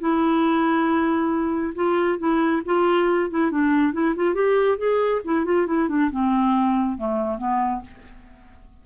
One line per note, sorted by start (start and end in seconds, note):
0.00 1.74 E4
1.75 2.19 F4
2.19 2.62 E4
2.66 3.30 F4
3.30 3.51 E4
3.51 3.93 D4
3.93 4.15 E4
4.16 4.34 F4
4.34 4.78 G4
4.78 5.21 G#4
5.25 5.45 E4
5.45 5.67 F4
5.67 5.89 E4
5.89 6.11 D4
6.11 6.98 C4
6.98 7.38 A3
7.38 7.81 B3